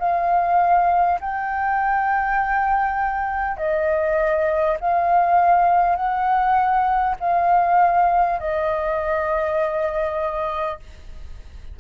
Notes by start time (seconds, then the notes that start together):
0.00 F5
1.21 G5
3.58 D#5
4.81 F5
5.96 F#5
7.21 F5
8.40 D#5